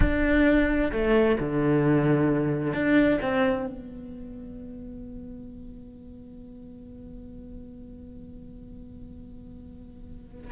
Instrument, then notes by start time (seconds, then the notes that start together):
cello
0.00 D4
0.92 A3
1.39 D3
2.73 D4
3.21 C4
3.66 B3